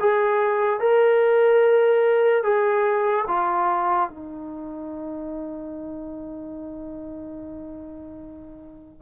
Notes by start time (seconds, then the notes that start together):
0.00 G#4
0.80 A#4
2.43 G#4
3.28 F4
4.09 D#4